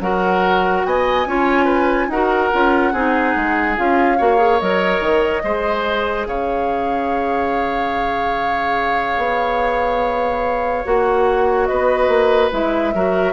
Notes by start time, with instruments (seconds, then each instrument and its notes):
0.00 bassoon F#3, clarinet F#4, oboe A#4, flute F#5
0.85 bassoon B3, oboe D#5, flute G#5
1.26 bassoon C#4, clarinet F4, oboe C#5
1.65 oboe B4
2.08 bassoon D#4, clarinet F#4, oboe A#4, flute F#5
2.52 bassoon C#4, clarinet F4
2.93 bassoon C4, clarinet D#4, oboe G#4
3.36 bassoon G#3
3.76 bassoon C#4, clarinet F4, flute F5
4.18 bassoon A#3, clarinet F#4, oboe C#5
4.37 clarinet G#4
4.60 bassoon F#3, clarinet A#4, flute D#5
5.00 bassoon D#3
5.42 bassoon G#3, clarinet G#4, oboe C5
6.27 bassoon C#3, oboe C#5, flute F5
9.18 bassoon B3
10.85 bassoon A#3, clarinet F#4, flute F#5
11.66 bassoon B3, oboe B4, flute D#5
12.08 bassoon A#3
12.52 bassoon G#3, clarinet E4, flute E5
12.94 bassoon F#3, clarinet F#4, oboe A#4